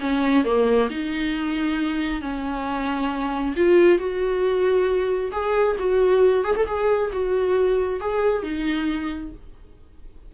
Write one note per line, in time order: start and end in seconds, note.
0.00 0.44 C#4
0.44 0.89 A#3
0.90 2.21 D#4
2.21 3.55 C#4
3.56 3.98 F4
3.98 5.31 F#4
5.31 5.76 G#4
5.79 6.44 F#4
6.44 6.55 G#4
6.56 6.66 A4
6.66 7.11 G#4
7.13 8.00 F#4
8.00 8.43 G#4
8.43 9.32 D#4